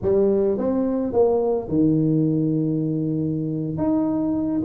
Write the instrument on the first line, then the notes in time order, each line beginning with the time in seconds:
tuba
0.02 G3
0.58 C4
1.12 A#3
1.68 D#3
3.77 D#4